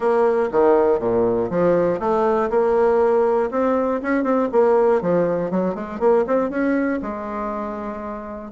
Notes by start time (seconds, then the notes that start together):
0.00 A#3
0.51 D#3
0.99 A#2
1.50 F3
1.99 A3
2.50 A#3
3.50 C4
4.02 C#4
4.23 C4
4.52 A#3
5.01 F3
5.50 F#3
5.75 G#3
5.99 A#3
6.26 C4
6.50 C#4
7.02 G#3